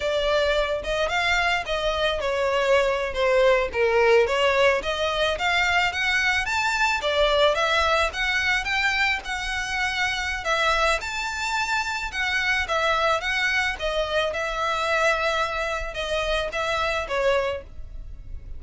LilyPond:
\new Staff \with { instrumentName = "violin" } { \time 4/4 \tempo 4 = 109 d''4. dis''8 f''4 dis''4 | cis''4.~ cis''16 c''4 ais'4 cis''16~ | cis''8. dis''4 f''4 fis''4 a''16~ | a''8. d''4 e''4 fis''4 g''16~ |
g''8. fis''2~ fis''16 e''4 | a''2 fis''4 e''4 | fis''4 dis''4 e''2~ | e''4 dis''4 e''4 cis''4 | }